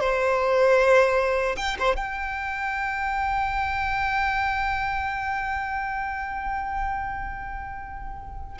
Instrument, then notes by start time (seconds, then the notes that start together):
violin
0.00 C5
1.57 G5
1.79 C5
1.96 G5